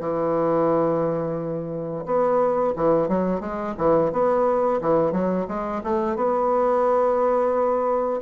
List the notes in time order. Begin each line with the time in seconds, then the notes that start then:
0.00 E3
2.05 B3
2.76 E3
3.08 F#3
3.40 G#3
3.77 E3
4.12 B3
4.81 E3
5.12 F#3
5.48 G#3
5.83 A3
6.15 B3